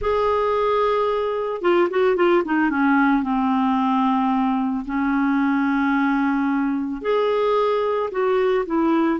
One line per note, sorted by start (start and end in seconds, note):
0.01 1.61 G#4
1.61 1.88 F4
1.90 2.15 F#4
2.15 2.43 F4
2.44 2.70 D#4
2.70 3.22 C#4
3.22 4.85 C4
4.85 7.01 C#4
7.01 8.09 G#4
8.11 8.65 F#4
8.66 9.19 E4